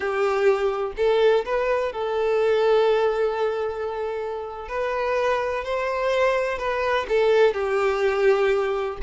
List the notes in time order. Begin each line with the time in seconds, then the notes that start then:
0.00 G4
0.96 A4
1.45 B4
1.92 A4
4.68 B4
5.64 C5
6.58 B4
7.08 A4
7.53 G4